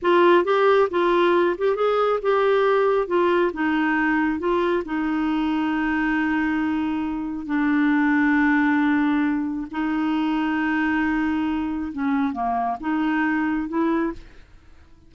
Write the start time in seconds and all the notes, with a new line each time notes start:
0.02 F4
0.44 G4
0.90 F4
1.57 G4
1.75 G#4
2.22 G4
3.07 F4
3.53 D#4
4.39 F4
4.85 D#4
7.46 D4
9.71 D#4
11.92 C#4
12.32 A#3
12.80 D#4
13.68 E4